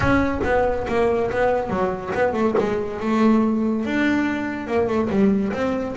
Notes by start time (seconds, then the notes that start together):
0.00 C#4
0.44 B3
0.87 A#3
1.30 B3
1.69 F#3
2.14 B3
2.33 A3
2.58 G#3
3.00 A3
3.85 D4
4.67 A#3
4.87 A3
5.09 G3
5.52 C4